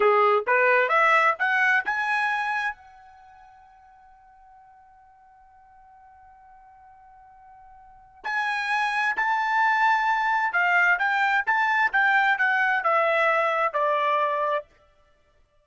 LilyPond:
\new Staff \with { instrumentName = "trumpet" } { \time 4/4 \tempo 4 = 131 gis'4 b'4 e''4 fis''4 | gis''2 fis''2~ | fis''1~ | fis''1~ |
fis''2 gis''2 | a''2. f''4 | g''4 a''4 g''4 fis''4 | e''2 d''2 | }